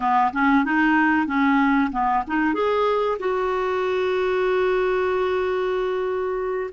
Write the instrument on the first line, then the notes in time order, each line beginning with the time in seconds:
clarinet
0.00 B3
0.32 C#4
0.64 D#4
1.26 C#4
1.91 B3
2.27 D#4
2.54 G#4
3.19 F#4